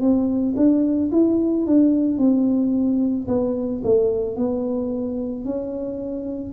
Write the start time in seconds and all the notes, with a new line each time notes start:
0.00 C4
0.56 D4
1.12 E4
1.66 D4
2.18 C4
3.27 B3
3.84 A3
4.36 B3
5.44 C#4